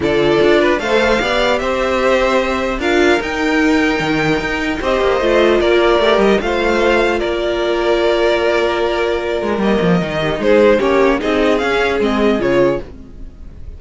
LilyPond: <<
  \new Staff \with { instrumentName = "violin" } { \time 4/4 \tempo 4 = 150 d''2 f''2 | e''2. f''4 | g''1 | dis''2 d''4. dis''8 |
f''2 d''2~ | d''1 | dis''2 c''4 cis''4 | dis''4 f''4 dis''4 cis''4 | }
  \new Staff \with { instrumentName = "violin" } { \time 4/4 a'4. b'8 c''4 d''4 | c''2. ais'4~ | ais'1 | c''2 ais'2 |
c''2 ais'2~ | ais'1~ | ais'4. g'8 gis'4 g'4 | gis'1 | }
  \new Staff \with { instrumentName = "viola" } { \time 4/4 f'2 a'4 g'4~ | g'2. f'4 | dis'1 | g'4 f'2 g'4 |
f'1~ | f'1 | ais4 dis'2 cis'4 | dis'4 cis'4 c'4 f'4 | }
  \new Staff \with { instrumentName = "cello" } { \time 4/4 d4 d'4 a4 b4 | c'2. d'4 | dis'2 dis4 dis'4 | c'8 ais8 a4 ais4 a8 g8 |
a2 ais2~ | ais2.~ ais8 gis8 | g8 f8 dis4 gis4 ais4 | c'4 cis'4 gis4 cis4 | }
>>